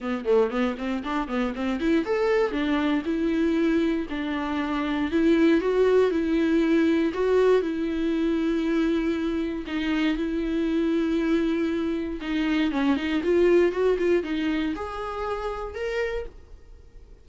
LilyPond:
\new Staff \with { instrumentName = "viola" } { \time 4/4 \tempo 4 = 118 b8 a8 b8 c'8 d'8 b8 c'8 e'8 | a'4 d'4 e'2 | d'2 e'4 fis'4 | e'2 fis'4 e'4~ |
e'2. dis'4 | e'1 | dis'4 cis'8 dis'8 f'4 fis'8 f'8 | dis'4 gis'2 ais'4 | }